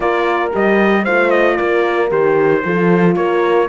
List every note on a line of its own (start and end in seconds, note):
0.00 0.51 A#3
0.00 0.51 F4
0.00 1.03 A#4
0.00 0.52 D5
0.52 1.06 G3
0.52 1.05 G4
0.52 1.04 D#5
1.03 1.58 A3
1.03 2.09 F4
1.03 1.56 C5
1.03 1.30 F5
1.30 1.56 D#5
1.57 2.11 A#3
1.57 2.62 A#4
1.57 2.09 D5
2.09 2.63 D#3
2.09 2.61 G4
2.09 3.15 C5
2.64 3.16 F3
2.64 3.68 F4
2.64 3.15 A4
3.15 3.68 A#3
3.15 3.68 A#4
3.15 3.68 C#5